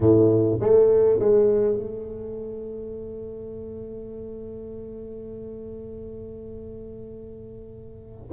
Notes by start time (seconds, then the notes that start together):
0.00 A2
0.60 A3
1.19 G#3
1.76 A3